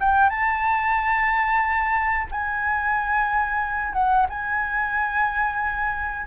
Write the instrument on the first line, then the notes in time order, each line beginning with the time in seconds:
flute
0.00 G5
0.29 A5
2.32 G#5
3.93 F#5
4.29 G#5